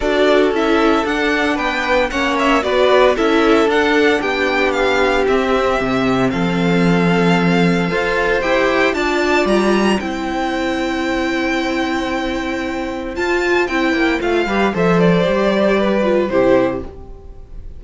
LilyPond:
<<
  \new Staff \with { instrumentName = "violin" } { \time 4/4 \tempo 4 = 114 d''4 e''4 fis''4 g''4 | fis''8 e''8 d''4 e''4 fis''4 | g''4 f''4 e''2 | f''1 |
g''4 a''4 ais''4 g''4~ | g''1~ | g''4 a''4 g''4 f''4 | e''8 d''2~ d''8 c''4 | }
  \new Staff \with { instrumentName = "violin" } { \time 4/4 a'2. b'4 | cis''4 b'4 a'2 | g'1 | a'2. c''4~ |
c''4 d''2 c''4~ | c''1~ | c''2.~ c''8 b'8 | c''2 b'4 g'4 | }
  \new Staff \with { instrumentName = "viola" } { \time 4/4 fis'4 e'4 d'2 | cis'4 fis'4 e'4 d'4~ | d'2 c'2~ | c'2. a'4 |
g'4 f'2 e'4~ | e'1~ | e'4 f'4 e'4 f'8 g'8 | a'4 g'4. f'8 e'4 | }
  \new Staff \with { instrumentName = "cello" } { \time 4/4 d'4 cis'4 d'4 b4 | ais4 b4 cis'4 d'4 | b2 c'4 c4 | f2. f'4 |
e'4 d'4 g4 c'4~ | c'1~ | c'4 f'4 c'8 ais8 a8 g8 | f4 g2 c4 | }
>>